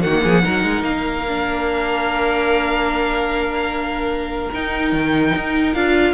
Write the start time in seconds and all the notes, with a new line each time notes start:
0.00 D#3 A#3 F#4 F#5
0.23 F3 G#4
0.43 F#3 D#4 A#4
0.63 G#3
0.82 A#3 F5
1.28 D4
4.53 D#4 G5
4.92 D#3
5.35 D#4
5.74 D4 F4 F5